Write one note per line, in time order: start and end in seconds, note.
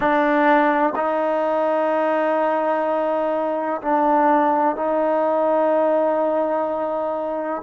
0.00 0.93 D4
0.95 3.81 D#4
3.81 4.76 D4
4.76 7.61 D#4